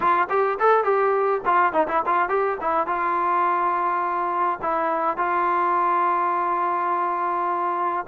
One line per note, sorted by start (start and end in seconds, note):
0.00 0.28 F4
0.29 0.58 G4
0.59 0.84 A4
0.84 1.41 G4
1.45 1.72 F4
1.72 1.87 D#4
1.88 2.02 E4
2.06 2.28 F4
2.28 2.57 G4
2.60 2.86 E4
2.86 4.59 F4
4.62 5.17 E4
5.17 8.05 F4